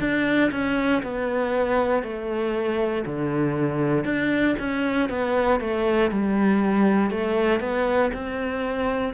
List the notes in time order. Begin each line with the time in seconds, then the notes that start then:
0.00 D4
0.51 C#4
1.02 B3
2.02 A3
3.05 D3
4.04 D4
4.59 C#4
5.09 B3
5.60 A3
6.11 G3
7.10 A3
7.60 B3
8.13 C4